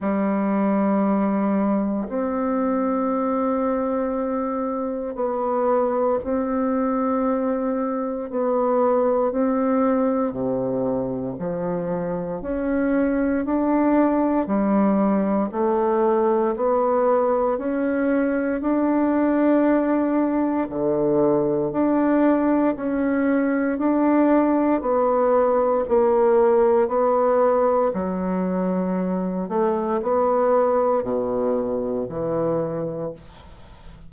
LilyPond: \new Staff \with { instrumentName = "bassoon" } { \time 4/4 \tempo 4 = 58 g2 c'2~ | c'4 b4 c'2 | b4 c'4 c4 f4 | cis'4 d'4 g4 a4 |
b4 cis'4 d'2 | d4 d'4 cis'4 d'4 | b4 ais4 b4 fis4~ | fis8 a8 b4 b,4 e4 | }